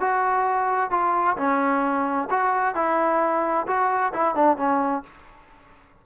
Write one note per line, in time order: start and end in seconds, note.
0.00 0.91 F#4
0.91 1.36 F4
1.37 2.28 C#4
2.30 2.75 F#4
2.75 3.66 E4
3.67 4.12 F#4
4.13 4.35 E4
4.35 4.57 D4
4.57 5.03 C#4